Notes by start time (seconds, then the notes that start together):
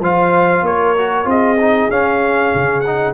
0.00 F3 F4 C5 F5
0.62 A#3 A#4 C#5
0.97 F#4
1.25 C4 F4 G#4 D#5
1.60 D#4
1.90 C#4 F5
2.54 C#3
2.80 D#4 F#5